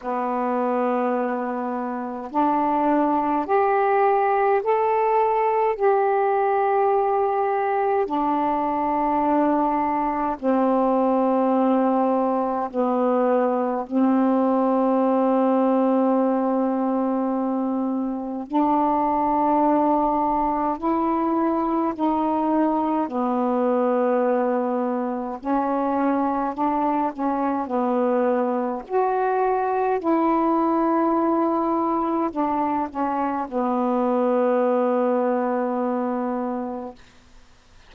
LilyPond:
\new Staff \with { instrumentName = "saxophone" } { \time 4/4 \tempo 4 = 52 b2 d'4 g'4 | a'4 g'2 d'4~ | d'4 c'2 b4 | c'1 |
d'2 e'4 dis'4 | b2 cis'4 d'8 cis'8 | b4 fis'4 e'2 | d'8 cis'8 b2. | }